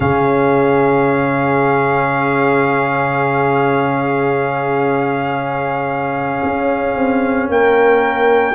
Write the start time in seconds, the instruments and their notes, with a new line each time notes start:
0.00 tuba C#3, trombone C#4, horn G#4, trumpet F5
6.43 tuba C#4
6.95 tuba C4
7.48 tuba A#3, horn A#4, trumpet G5